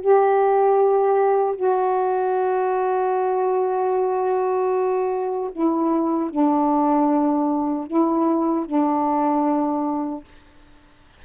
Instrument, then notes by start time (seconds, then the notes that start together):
saxophone
0.00 G4
1.55 F#4
5.52 E4
6.30 D4
7.87 E4
8.66 D4